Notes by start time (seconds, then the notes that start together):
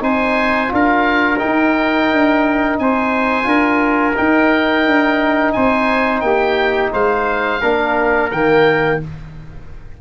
0.00 C4 D#4 C5 G#5
0.67 D4 F4
0.73 A#4 F5
1.38 D#4 G5
1.45 D#4
2.12 D4
2.79 C4 C5 G#5
3.43 D4 F4 A#4
4.16 D#4 G5
4.86 D4
5.52 C4 C5 G#5
6.20 A#3 G4 G5
6.93 G#3 C5 F5
7.61 A#3 D4 A#4
8.31 D#3 A#3 G5